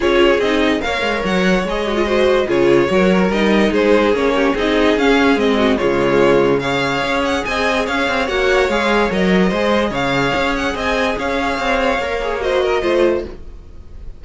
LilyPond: <<
  \new Staff \with { instrumentName = "violin" } { \time 4/4 \tempo 4 = 145 cis''4 dis''4 f''4 fis''4 | dis''2 cis''2 | dis''4 c''4 cis''4 dis''4 | f''4 dis''4 cis''2 |
f''4. fis''8 gis''4 f''4 | fis''4 f''4 dis''2 | f''4. fis''8 gis''4 f''4~ | f''2 dis''2 | }
  \new Staff \with { instrumentName = "violin" } { \time 4/4 gis'2 cis''2~ | cis''4 c''4 gis'4 ais'4~ | ais'4 gis'4. g'8 gis'4~ | gis'4. fis'8 f'2 |
cis''2 dis''4 cis''4~ | cis''2. c''4 | cis''2 dis''4 cis''4~ | cis''2 c''8 ais'8 c''4 | }
  \new Staff \with { instrumentName = "viola" } { \time 4/4 f'4 dis'4 ais'2 | gis'8 fis'16 f'16 fis'4 f'4 fis'4 | dis'2 cis'4 dis'4 | cis'4 c'4 gis2 |
gis'1 | fis'4 gis'4 ais'4 gis'4~ | gis'1~ | gis'4 ais'8 gis'8 fis'4 f'4 | }
  \new Staff \with { instrumentName = "cello" } { \time 4/4 cis'4 c'4 ais8 gis8 fis4 | gis2 cis4 fis4 | g4 gis4 ais4 c'4 | cis'4 gis4 cis2~ |
cis4 cis'4 c'4 cis'8 c'8 | ais4 gis4 fis4 gis4 | cis4 cis'4 c'4 cis'4 | c'4 ais2 a4 | }
>>